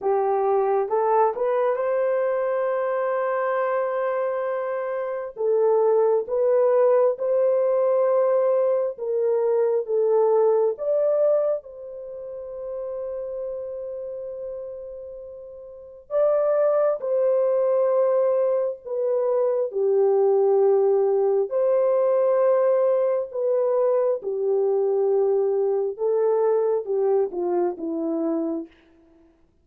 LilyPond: \new Staff \with { instrumentName = "horn" } { \time 4/4 \tempo 4 = 67 g'4 a'8 b'8 c''2~ | c''2 a'4 b'4 | c''2 ais'4 a'4 | d''4 c''2.~ |
c''2 d''4 c''4~ | c''4 b'4 g'2 | c''2 b'4 g'4~ | g'4 a'4 g'8 f'8 e'4 | }